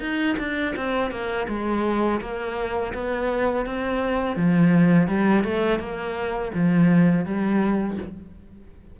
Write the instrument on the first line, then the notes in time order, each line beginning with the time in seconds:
cello
0.00 D#4
0.39 D4
0.76 C4
1.11 A#3
1.48 G#3
2.21 A#3
2.94 B3
3.66 C4
4.36 F3
5.08 G3
5.44 A3
5.80 A#3
6.55 F3
7.26 G3